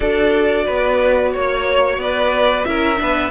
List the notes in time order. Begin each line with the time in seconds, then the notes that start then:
0.00 D4 F#4 A4 D5
0.65 B3 B4
1.33 A#3 C#5
1.97 B3 B4 D5
2.64 C#4 E4 A#4 E5
2.97 B3 D4 B4